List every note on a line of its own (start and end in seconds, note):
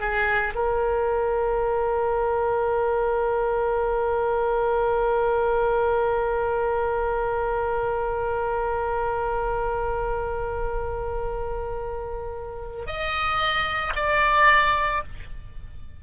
0.00 0.54 G#4
0.55 12.86 A#4
12.86 13.93 D#5
13.96 15.03 D5